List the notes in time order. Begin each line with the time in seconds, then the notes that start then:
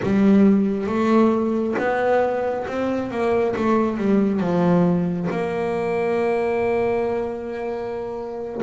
0.02 G3
0.86 A3
1.78 B3
2.67 C4
3.10 A#3
3.55 A3
3.97 G3
4.40 F3
5.30 A#3